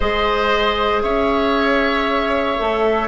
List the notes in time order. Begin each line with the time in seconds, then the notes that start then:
0.00 G#3 G#4 C5 D#5
1.02 C#4 C#5 E5
2.58 A3 A4